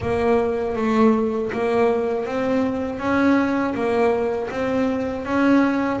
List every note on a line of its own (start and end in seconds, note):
0.00 0.75 A#3
0.76 1.51 A3
1.52 2.25 A#3
2.25 2.99 C4
2.99 3.74 C#4
3.74 4.49 A#3
4.50 5.25 C4
5.25 6.00 C#4